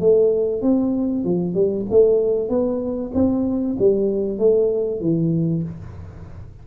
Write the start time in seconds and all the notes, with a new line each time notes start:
0.00 A3
0.62 C4
1.24 F3
1.55 G3
1.91 A3
2.49 B3
3.14 C4
3.79 G3
4.39 A3
5.01 E3